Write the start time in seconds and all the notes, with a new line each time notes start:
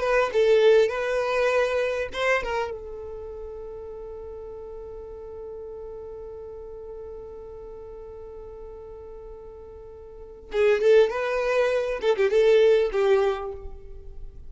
0.00 B4
0.33 A4
0.88 B4
2.13 C5
2.43 A#4
2.71 A4
10.52 G#4
10.81 A4
11.09 B4
12.01 A4
12.16 G4
12.30 A4
12.92 G4